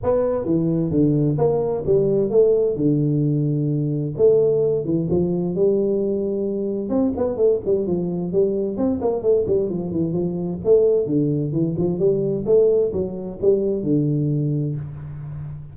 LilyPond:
\new Staff \with { instrumentName = "tuba" } { \time 4/4 \tempo 4 = 130 b4 e4 d4 ais4 | g4 a4 d2~ | d4 a4. e8 f4 | g2. c'8 b8 |
a8 g8 f4 g4 c'8 ais8 | a8 g8 f8 e8 f4 a4 | d4 e8 f8 g4 a4 | fis4 g4 d2 | }